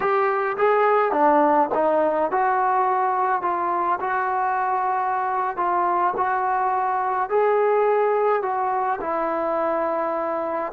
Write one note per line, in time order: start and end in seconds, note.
0.00 0.56 G4
0.57 1.11 G#4
1.11 1.69 D4
1.74 2.31 D#4
2.31 3.42 F#4
3.42 3.99 F4
4.00 5.57 F#4
5.57 6.14 F4
6.16 7.29 F#4
7.29 8.42 G#4
8.42 8.99 F#4
9.01 10.72 E4